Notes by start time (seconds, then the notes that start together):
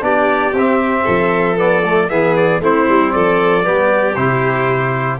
0.00 B3 D4 G4 D5
0.53 C4 E5
1.04 F3 A4
1.56 B3 D5
1.83 A3
2.09 E3 B3 G#4 E5
2.36 D5
2.60 A3 C4 E4 C5
2.88 G3
3.12 F3 A4 D5
3.63 G3 B3 G4
4.15 C3 E4 C5